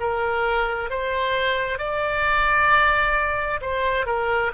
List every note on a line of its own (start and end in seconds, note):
0.00 0.90 A#4
0.90 1.78 C5
1.78 3.60 D5
3.61 4.06 C5
4.06 4.51 A#4